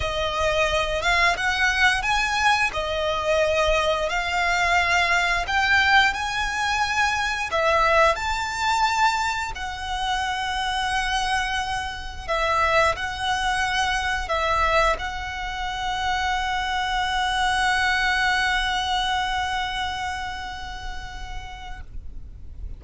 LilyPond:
\new Staff \with { instrumentName = "violin" } { \time 4/4 \tempo 4 = 88 dis''4. f''8 fis''4 gis''4 | dis''2 f''2 | g''4 gis''2 e''4 | a''2 fis''2~ |
fis''2 e''4 fis''4~ | fis''4 e''4 fis''2~ | fis''1~ | fis''1 | }